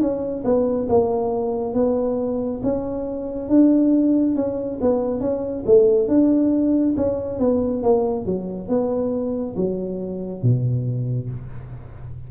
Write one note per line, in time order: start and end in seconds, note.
0.00 0.43 C#4
0.44 0.88 B3
0.89 1.74 A#3
1.74 2.61 B3
2.63 3.49 C#4
3.49 4.36 D4
4.36 4.79 C#4
4.81 5.20 B3
5.20 5.64 C#4
5.66 6.08 A3
6.08 6.95 D4
6.96 7.39 C#4
7.39 7.83 B3
7.83 8.25 A#3
8.25 8.68 F#3
8.68 9.55 B3
9.56 10.42 F#3
10.42 11.29 B2